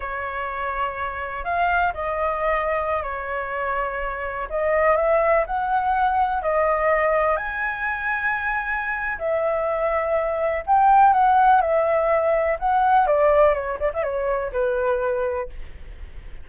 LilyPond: \new Staff \with { instrumentName = "flute" } { \time 4/4 \tempo 4 = 124 cis''2. f''4 | dis''2~ dis''16 cis''4.~ cis''16~ | cis''4~ cis''16 dis''4 e''4 fis''8.~ | fis''4~ fis''16 dis''2 gis''8.~ |
gis''2. e''4~ | e''2 g''4 fis''4 | e''2 fis''4 d''4 | cis''8 d''16 e''16 cis''4 b'2 | }